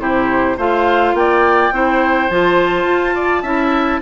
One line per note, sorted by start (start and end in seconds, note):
0.00 0.57 C3
0.00 0.57 E4
0.00 0.58 G4
0.00 0.58 C5
0.58 1.14 A3
0.58 1.73 F4
0.58 1.15 C5
0.58 1.16 F5
1.14 1.71 A#3
1.14 1.75 D5
1.14 2.30 G5
1.72 2.29 C4
1.72 2.31 E4
1.72 3.15 C5
2.30 2.85 F3
2.30 3.45 F4
2.30 4.02 A5
2.85 3.42 F4
3.15 3.43 D5
3.43 4.00 C#4
3.43 4.02 E4
3.43 4.00 E5